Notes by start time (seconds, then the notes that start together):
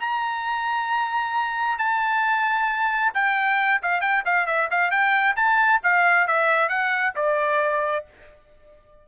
0.00 A#5
1.79 A5
3.14 G5
3.83 F5
4.02 G5
4.26 F5
4.47 E5
4.71 F5
4.91 G5
5.36 A5
5.84 F5
6.28 E5
6.69 F#5
7.16 D5